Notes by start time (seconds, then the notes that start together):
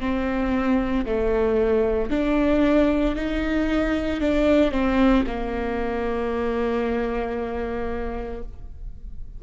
0.00 C4
1.06 A3
2.11 D4
3.16 D#4
4.21 D4
4.72 C4
5.27 A#3